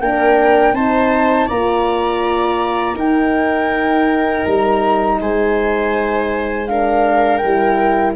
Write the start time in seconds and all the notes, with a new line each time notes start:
0.00 A#3 D4 A#4 G5
0.73 C4 D#4 C5 A5
1.46 A#3 F4 D5 A#5
2.94 D#4 A#4 G5
4.45 G3 A#5
5.20 G#3 C5 G#5
6.67 D4 A#4 F5
7.37 G5
7.44 G3 E4